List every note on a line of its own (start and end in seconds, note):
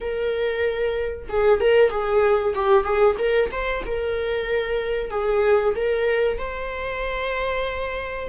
0.01 1.28 A#4
1.29 1.60 G#4
1.60 1.90 A#4
1.90 2.54 G#4
2.54 2.83 G4
2.83 3.15 G#4
3.18 3.50 A#4
3.51 3.83 C5
3.86 5.10 A#4
5.10 5.74 G#4
5.75 6.37 A#4
6.37 8.29 C5